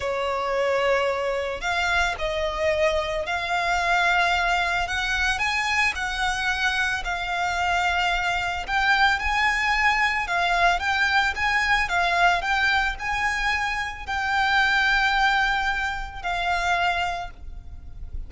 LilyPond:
\new Staff \with { instrumentName = "violin" } { \time 4/4 \tempo 4 = 111 cis''2. f''4 | dis''2 f''2~ | f''4 fis''4 gis''4 fis''4~ | fis''4 f''2. |
g''4 gis''2 f''4 | g''4 gis''4 f''4 g''4 | gis''2 g''2~ | g''2 f''2 | }